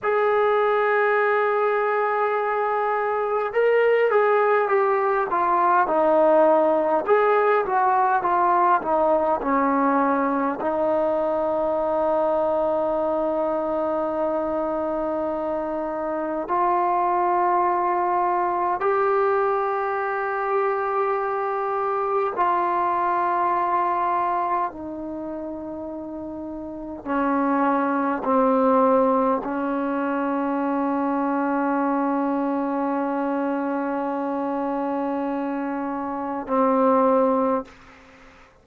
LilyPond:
\new Staff \with { instrumentName = "trombone" } { \time 4/4 \tempo 4 = 51 gis'2. ais'8 gis'8 | g'8 f'8 dis'4 gis'8 fis'8 f'8 dis'8 | cis'4 dis'2.~ | dis'2 f'2 |
g'2. f'4~ | f'4 dis'2 cis'4 | c'4 cis'2.~ | cis'2. c'4 | }